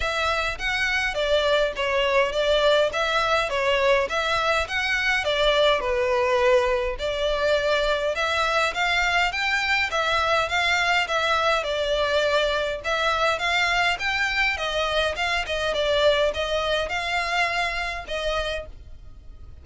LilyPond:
\new Staff \with { instrumentName = "violin" } { \time 4/4 \tempo 4 = 103 e''4 fis''4 d''4 cis''4 | d''4 e''4 cis''4 e''4 | fis''4 d''4 b'2 | d''2 e''4 f''4 |
g''4 e''4 f''4 e''4 | d''2 e''4 f''4 | g''4 dis''4 f''8 dis''8 d''4 | dis''4 f''2 dis''4 | }